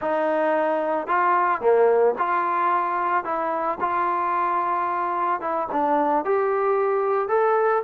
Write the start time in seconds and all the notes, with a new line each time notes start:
0.01 D#4
1.07 F4
1.60 A#3
2.18 F4
3.24 E4
3.80 F4
5.40 E4
5.72 D4
6.25 G4
7.28 A4